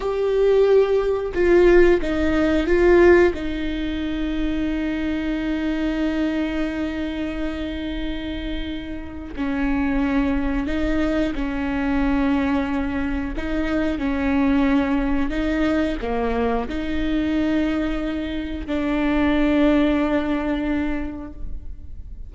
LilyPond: \new Staff \with { instrumentName = "viola" } { \time 4/4 \tempo 4 = 90 g'2 f'4 dis'4 | f'4 dis'2.~ | dis'1~ | dis'2 cis'2 |
dis'4 cis'2. | dis'4 cis'2 dis'4 | ais4 dis'2. | d'1 | }